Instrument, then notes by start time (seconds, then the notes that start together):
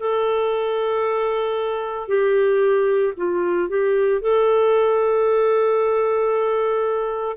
clarinet
0.00 A4
2.09 G4
3.17 F4
3.69 G4
4.22 A4